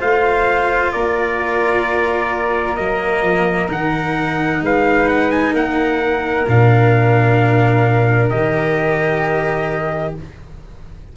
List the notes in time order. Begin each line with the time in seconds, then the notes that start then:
0.00 A3 F4 C5 F5
0.92 A#3 A#4 D5
2.76 F#3 A#3 D#5
3.22 F3
3.69 D#3 D#4 F#5
4.62 G#3 B4 F5
5.09 F#5
5.31 G#5
5.53 A#3 A#4 F#5
6.48 A#2 D4 F5
8.30 D#3 G4 D#5